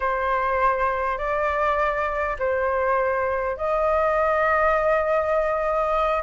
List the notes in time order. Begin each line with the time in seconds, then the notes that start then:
0.00 C5
1.17 D5
2.38 C5
3.56 D#5